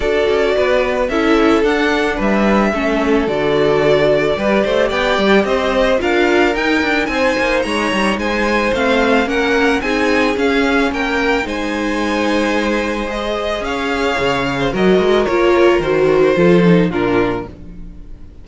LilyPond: <<
  \new Staff \with { instrumentName = "violin" } { \time 4/4 \tempo 4 = 110 d''2 e''4 fis''4 | e''2 d''2~ | d''4 g''4 dis''4 f''4 | g''4 gis''4 ais''4 gis''4 |
f''4 fis''4 gis''4 f''4 | g''4 gis''2. | dis''4 f''2 dis''4 | cis''4 c''2 ais'4 | }
  \new Staff \with { instrumentName = "violin" } { \time 4/4 a'4 b'4 a'2 | b'4 a'2. | b'8 c''8 d''4 c''4 ais'4~ | ais'4 c''4 cis''4 c''4~ |
c''4 ais'4 gis'2 | ais'4 c''2.~ | c''4 cis''4.~ cis''16 c''16 ais'4~ | ais'2 a'4 f'4 | }
  \new Staff \with { instrumentName = "viola" } { \time 4/4 fis'2 e'4 d'4~ | d'4 cis'4 fis'2 | g'2. f'4 | dis'1 |
c'4 cis'4 dis'4 cis'4~ | cis'4 dis'2. | gis'2. fis'4 | f'4 fis'4 f'8 dis'8 d'4 | }
  \new Staff \with { instrumentName = "cello" } { \time 4/4 d'8 cis'8 b4 cis'4 d'4 | g4 a4 d2 | g8 a8 b8 g8 c'4 d'4 | dis'8 d'8 c'8 ais8 gis8 g8 gis4 |
a4 ais4 c'4 cis'4 | ais4 gis2.~ | gis4 cis'4 cis4 fis8 gis8 | ais4 dis4 f4 ais,4 | }
>>